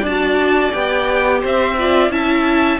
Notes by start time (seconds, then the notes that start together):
0.00 D4 D5 A5
0.07 F#4
0.72 B3 G4 G5
1.41 C4 C5 E5
1.79 F4 D5
2.09 C#4 E4 E5 A5